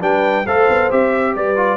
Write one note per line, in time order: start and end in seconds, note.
0.00 0.45 G3
0.00 0.44 D4
0.00 0.44 B4
0.00 0.46 G5
0.44 0.68 A3
0.44 0.90 A4
0.44 1.32 C5
0.44 0.90 F5
0.68 0.90 B3
0.90 1.35 C4
0.90 1.56 G4
0.90 1.35 E5
1.35 1.76 G3
1.35 1.76 B4
1.35 1.76 D5
1.56 1.76 F4